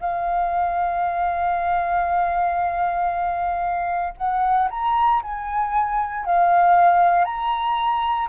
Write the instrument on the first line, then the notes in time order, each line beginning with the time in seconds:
flute
0.00 F5
4.17 F#5
4.70 A#5
5.22 G#5
6.25 F5
7.24 A#5